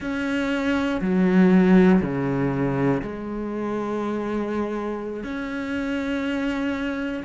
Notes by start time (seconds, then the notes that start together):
0.00 C#4
1.00 F#3
2.01 C#3
3.01 G#3
5.23 C#4